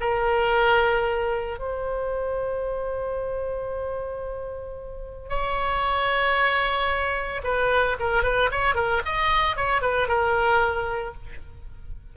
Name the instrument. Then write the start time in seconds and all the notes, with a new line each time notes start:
oboe
0.00 A#4
1.59 C5
5.29 C#5
7.44 B4
7.99 A#4
8.23 B4
8.51 C#5
8.75 A#4
9.05 D#5
9.56 C#5
9.82 B4
10.08 A#4